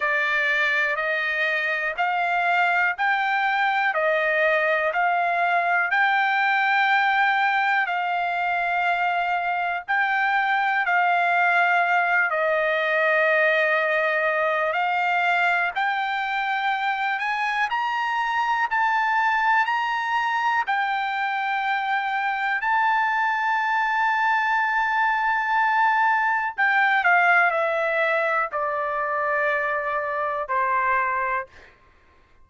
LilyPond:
\new Staff \with { instrumentName = "trumpet" } { \time 4/4 \tempo 4 = 61 d''4 dis''4 f''4 g''4 | dis''4 f''4 g''2 | f''2 g''4 f''4~ | f''8 dis''2~ dis''8 f''4 |
g''4. gis''8 ais''4 a''4 | ais''4 g''2 a''4~ | a''2. g''8 f''8 | e''4 d''2 c''4 | }